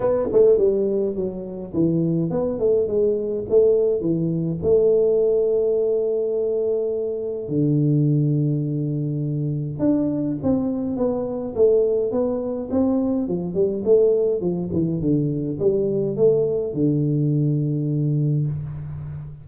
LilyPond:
\new Staff \with { instrumentName = "tuba" } { \time 4/4 \tempo 4 = 104 b8 a8 g4 fis4 e4 | b8 a8 gis4 a4 e4 | a1~ | a4 d2.~ |
d4 d'4 c'4 b4 | a4 b4 c'4 f8 g8 | a4 f8 e8 d4 g4 | a4 d2. | }